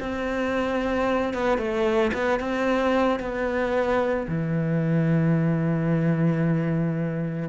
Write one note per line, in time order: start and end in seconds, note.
0.00 1.34 C4
1.34 1.58 B3
1.58 2.12 A3
2.14 2.40 B3
2.40 3.20 C4
3.20 4.27 B3
4.29 7.50 E3